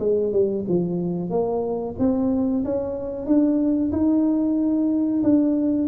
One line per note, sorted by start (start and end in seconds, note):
0.00 0.33 G#3
0.33 0.65 G3
0.68 1.30 F3
1.30 1.95 A#3
1.99 2.64 C4
2.65 3.26 C#4
3.26 3.92 D4
3.92 5.23 D#4
5.24 5.88 D4